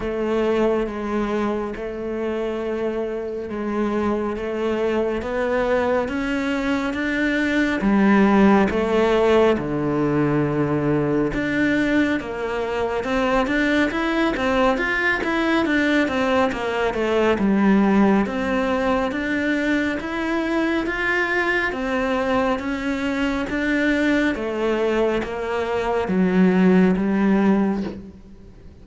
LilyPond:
\new Staff \with { instrumentName = "cello" } { \time 4/4 \tempo 4 = 69 a4 gis4 a2 | gis4 a4 b4 cis'4 | d'4 g4 a4 d4~ | d4 d'4 ais4 c'8 d'8 |
e'8 c'8 f'8 e'8 d'8 c'8 ais8 a8 | g4 c'4 d'4 e'4 | f'4 c'4 cis'4 d'4 | a4 ais4 fis4 g4 | }